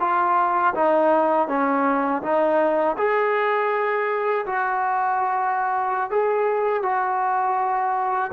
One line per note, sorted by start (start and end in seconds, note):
0.00 0.74 F4
0.74 1.48 D#4
1.48 2.22 C#4
2.22 2.96 D#4
2.98 4.46 G#4
4.46 6.10 F#4
6.10 6.83 G#4
6.83 8.31 F#4